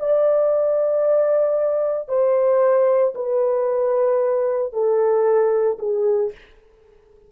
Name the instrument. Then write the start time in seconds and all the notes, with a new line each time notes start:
horn
0.00 D5
2.09 C5
3.15 B4
4.73 A4
5.79 G#4